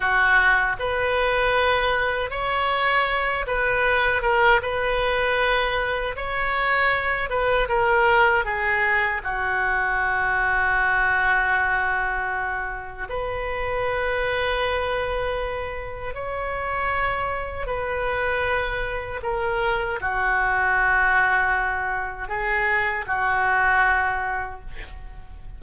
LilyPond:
\new Staff \with { instrumentName = "oboe" } { \time 4/4 \tempo 4 = 78 fis'4 b'2 cis''4~ | cis''8 b'4 ais'8 b'2 | cis''4. b'8 ais'4 gis'4 | fis'1~ |
fis'4 b'2.~ | b'4 cis''2 b'4~ | b'4 ais'4 fis'2~ | fis'4 gis'4 fis'2 | }